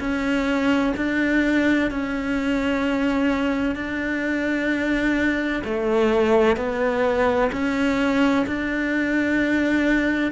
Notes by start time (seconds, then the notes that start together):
0.00 C#4
0.97 D4
1.91 C#4
3.76 D4
5.65 A3
6.57 B3
7.53 C#4
8.47 D4